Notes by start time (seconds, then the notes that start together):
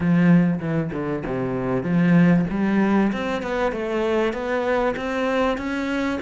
0.00 F3
0.59 E3
0.92 D3
1.26 C3
1.83 F3
2.50 G3
3.12 C4
3.42 B3
3.72 A3
4.33 B3
4.96 C4
5.57 C#4